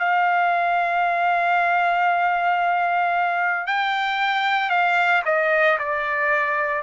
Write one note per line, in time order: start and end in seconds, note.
0.00 3.67 F5
3.67 4.70 G5
4.70 5.23 F5
5.26 5.78 D#5
5.79 6.83 D5